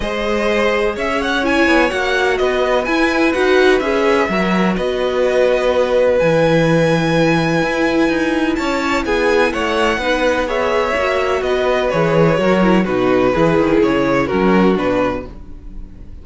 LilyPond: <<
  \new Staff \with { instrumentName = "violin" } { \time 4/4 \tempo 4 = 126 dis''2 e''8 fis''8 gis''4 | fis''4 dis''4 gis''4 fis''4 | e''2 dis''2~ | dis''4 gis''2.~ |
gis''2 a''4 gis''4 | fis''2 e''2 | dis''4 cis''2 b'4~ | b'4 cis''4 ais'4 b'4 | }
  \new Staff \with { instrumentName = "violin" } { \time 4/4 c''2 cis''2~ | cis''4 b'2.~ | b'4 ais'4 b'2~ | b'1~ |
b'2 cis''4 gis'4 | cis''4 b'4 cis''2 | b'2 ais'4 fis'4 | gis'2 fis'2 | }
  \new Staff \with { instrumentName = "viola" } { \time 4/4 gis'2. e'4 | fis'2 e'4 fis'4 | gis'4 fis'2.~ | fis'4 e'2.~ |
e'1~ | e'4 dis'4 gis'4 fis'4~ | fis'4 gis'4 fis'8 e'8 dis'4 | e'2 cis'4 d'4 | }
  \new Staff \with { instrumentName = "cello" } { \time 4/4 gis2 cis'4. b8 | ais4 b4 e'4 dis'4 | cis'4 fis4 b2~ | b4 e2. |
e'4 dis'4 cis'4 b4 | a4 b2 ais4 | b4 e4 fis4 b,4 | e8 dis8 cis4 fis4 b,4 | }
>>